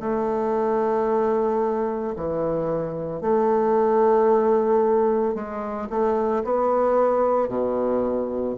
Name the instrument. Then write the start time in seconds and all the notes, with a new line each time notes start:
bassoon
0.00 A3
2.17 E3
3.21 A3
5.35 G#3
5.90 A3
6.45 B3
7.49 B2